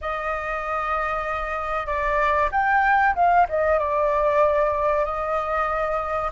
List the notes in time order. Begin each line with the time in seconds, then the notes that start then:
0.01 D#5
1.86 D5
2.51 G5
3.15 F5
3.49 D#5
3.78 D5
5.04 D#5